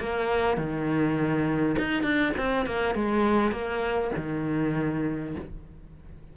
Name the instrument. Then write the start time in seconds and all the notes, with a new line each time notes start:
cello
0.00 A#3
0.58 D#3
1.79 D#4
2.03 D4
2.38 C4
2.67 A#3
2.95 G#3
3.52 A#3
4.17 D#3